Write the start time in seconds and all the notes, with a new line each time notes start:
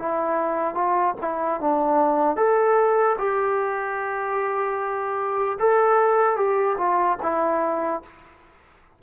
0.00 E4
0.75 F4
1.22 E4
1.61 D4
2.37 A4
3.19 G4
5.60 A4
6.37 G4
6.78 F4
7.23 E4